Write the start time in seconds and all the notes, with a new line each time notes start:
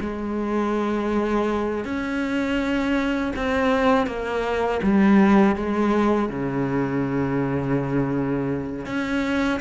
0.00 G#3
1.85 C#4
3.35 C4
4.06 A#3
4.82 G3
5.56 G#3
6.29 C#3
8.86 C#4